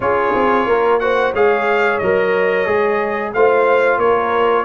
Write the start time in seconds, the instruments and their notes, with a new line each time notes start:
0.00 tuba C#4, trombone F4, horn G#4, trumpet C#5
0.34 tuba C4
0.66 tuba A#3, horn A#4
0.99 trombone F#4, horn C5, trumpet F#5
1.33 tuba G#3, trombone G#4, horn C#5, trumpet F5
1.98 tuba F#3, trombone A#4, trumpet D#5
2.65 tuba G#3, trombone G#4
3.33 tuba A3, trombone F4, horn C5, trumpet F5
3.97 tuba A#3, horn A#4, trumpet C#5